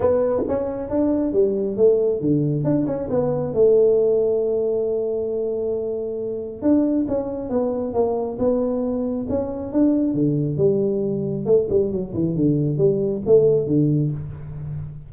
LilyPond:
\new Staff \with { instrumentName = "tuba" } { \time 4/4 \tempo 4 = 136 b4 cis'4 d'4 g4 | a4 d4 d'8 cis'8 b4 | a1~ | a2. d'4 |
cis'4 b4 ais4 b4~ | b4 cis'4 d'4 d4 | g2 a8 g8 fis8 e8 | d4 g4 a4 d4 | }